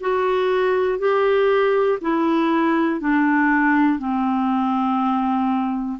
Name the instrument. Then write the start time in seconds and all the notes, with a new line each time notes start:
clarinet
0.00 F#4
0.99 G4
2.01 E4
3.00 D4
3.99 C4